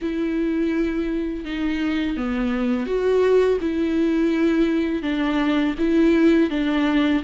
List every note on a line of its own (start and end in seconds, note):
0.01 1.45 E4
1.45 2.16 D#4
2.16 2.86 B3
2.86 3.58 F#4
3.60 5.02 E4
5.02 5.74 D4
5.78 6.50 E4
6.50 7.22 D4